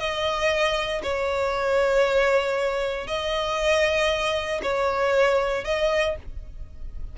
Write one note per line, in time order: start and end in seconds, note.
0.00 1.03 D#5
1.03 3.08 C#5
3.08 4.62 D#5
4.63 5.65 C#5
5.65 6.16 D#5